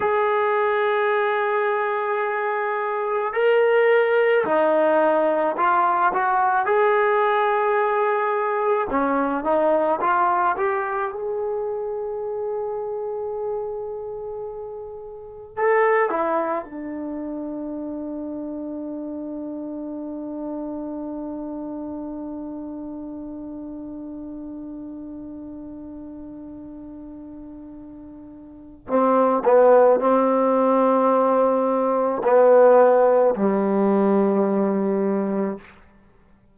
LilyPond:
\new Staff \with { instrumentName = "trombone" } { \time 4/4 \tempo 4 = 54 gis'2. ais'4 | dis'4 f'8 fis'8 gis'2 | cis'8 dis'8 f'8 g'8 gis'2~ | gis'2 a'8 e'8 d'4~ |
d'1~ | d'1~ | d'2 c'8 b8 c'4~ | c'4 b4 g2 | }